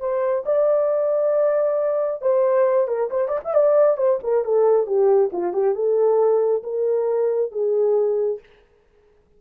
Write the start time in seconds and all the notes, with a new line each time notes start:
0.00 C5
0.46 D5
2.22 C5
2.88 A#4
3.11 C5
3.28 D5
3.45 E5
3.55 D5
3.97 C5
4.23 A#4
4.45 A4
4.86 G4
5.33 F4
5.54 G4
5.75 A4
6.64 A#4
7.52 G#4